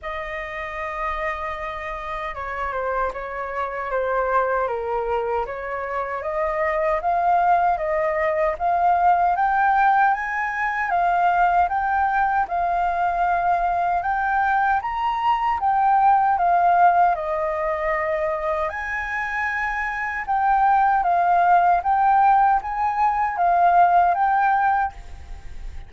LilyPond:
\new Staff \with { instrumentName = "flute" } { \time 4/4 \tempo 4 = 77 dis''2. cis''8 c''8 | cis''4 c''4 ais'4 cis''4 | dis''4 f''4 dis''4 f''4 | g''4 gis''4 f''4 g''4 |
f''2 g''4 ais''4 | g''4 f''4 dis''2 | gis''2 g''4 f''4 | g''4 gis''4 f''4 g''4 | }